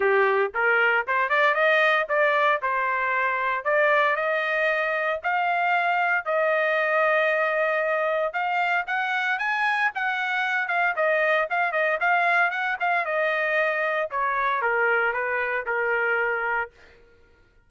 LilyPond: \new Staff \with { instrumentName = "trumpet" } { \time 4/4 \tempo 4 = 115 g'4 ais'4 c''8 d''8 dis''4 | d''4 c''2 d''4 | dis''2 f''2 | dis''1 |
f''4 fis''4 gis''4 fis''4~ | fis''8 f''8 dis''4 f''8 dis''8 f''4 | fis''8 f''8 dis''2 cis''4 | ais'4 b'4 ais'2 | }